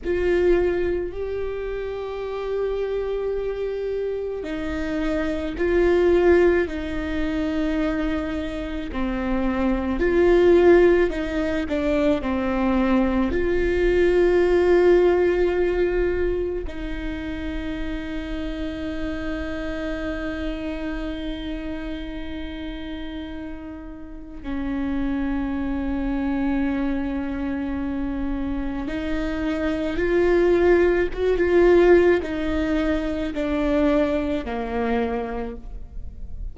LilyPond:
\new Staff \with { instrumentName = "viola" } { \time 4/4 \tempo 4 = 54 f'4 g'2. | dis'4 f'4 dis'2 | c'4 f'4 dis'8 d'8 c'4 | f'2. dis'4~ |
dis'1~ | dis'2 cis'2~ | cis'2 dis'4 f'4 | fis'16 f'8. dis'4 d'4 ais4 | }